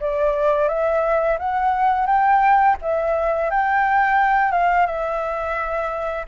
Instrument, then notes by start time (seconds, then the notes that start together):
flute
0.00 D5
0.68 E5
1.39 F#5
2.06 G5
2.82 E5
3.50 G5
4.52 F5
4.86 E5